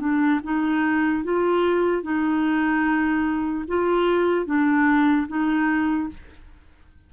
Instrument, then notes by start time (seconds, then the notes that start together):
clarinet
0.00 D4
0.44 D#4
1.24 F4
2.03 D#4
3.68 F4
4.46 D4
5.28 D#4